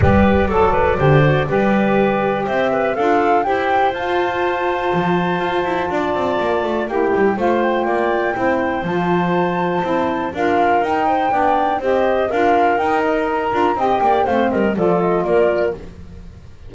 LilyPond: <<
  \new Staff \with { instrumentName = "flute" } { \time 4/4 \tempo 4 = 122 d''1~ | d''4 e''4 f''4 g''4 | a''1~ | a''2 g''4 f''8 g''8~ |
g''2 a''2~ | a''4 f''4 g''2 | dis''4 f''4 g''8 dis''8 ais''4 | g''4 f''8 dis''8 d''8 dis''8 d''4 | }
  \new Staff \with { instrumentName = "clarinet" } { \time 4/4 b'4 a'8 b'8 c''4 b'4~ | b'4 c''8 b'8 a'4 c''4~ | c''1 | d''2 g'4 c''4 |
d''4 c''2.~ | c''4 ais'4. c''8 d''4 | c''4 ais'2. | dis''8 d''8 c''8 ais'8 a'4 ais'4 | }
  \new Staff \with { instrumentName = "saxophone" } { \time 4/4 g'4 a'4 g'8 fis'8 g'4~ | g'2 f'4 g'4 | f'1~ | f'2 e'4 f'4~ |
f'4 e'4 f'2 | e'4 f'4 dis'4 d'4 | g'4 f'4 dis'4. f'8 | g'4 c'4 f'2 | }
  \new Staff \with { instrumentName = "double bass" } { \time 4/4 g4 fis4 d4 g4~ | g4 c'4 d'4 e'4 | f'2 f4 f'8 e'8 | d'8 c'8 ais8 a8 ais8 g8 a4 |
ais4 c'4 f2 | c'4 d'4 dis'4 b4 | c'4 d'4 dis'4. d'8 | c'8 ais8 a8 g8 f4 ais4 | }
>>